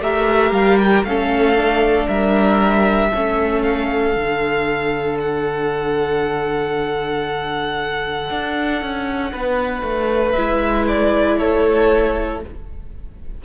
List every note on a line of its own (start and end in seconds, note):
0.00 0.52 A3
0.00 1.05 G4
0.00 1.06 A#4
0.00 0.53 E5
0.52 1.03 G3
0.52 0.78 F5
0.78 1.04 G5
1.04 2.07 A3
1.04 1.57 C#4
1.04 2.08 A4
1.04 2.08 F5
1.57 3.12 D4
2.08 3.12 G3
2.08 3.10 A#4
2.08 3.63 E5
3.10 4.16 A3
3.10 4.15 C#4
3.10 9.31 A4
3.63 5.18 F5
4.15 8.30 D3
4.15 10.36 D4
5.20 10.32 F#5
8.30 8.82 D4
8.82 9.33 C#4
9.32 9.82 B3
9.32 11.38 B4
9.82 10.34 A3
10.32 12.43 E4
10.32 10.84 E5
10.38 11.41 G#3
10.88 11.39 D5
11.38 12.44 A3
11.38 12.41 A4
11.38 12.42 C#5